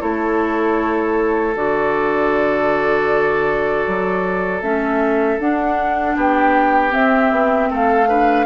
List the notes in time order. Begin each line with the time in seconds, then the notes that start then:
0.00 A3 E4 A4 C#5
1.56 D3 F#4 D5
3.87 F#3
4.62 A3 C#4 E5
5.39 D4 F#5
6.16 B3 G4 G5
6.91 C4 E5
7.32 B3
7.71 A3 A4 F5
8.09 D4 B4